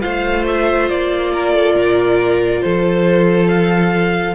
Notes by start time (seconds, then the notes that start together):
0.00 A3 F4 C5 F5
0.47 E5
0.89 A#3 D5
1.33 A#4
1.53 A4
1.74 A#2 A#4
2.61 F3 A4 C5
3.48 F5